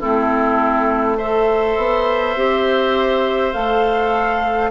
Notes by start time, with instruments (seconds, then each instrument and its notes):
0.00 bassoon A3, clarinet C4, oboe E4, flute A4
1.17 clarinet A4, oboe C5, flute E5
1.77 bassoon B3
2.36 bassoon C4, clarinet G4
3.53 bassoon A3, clarinet A4, flute F5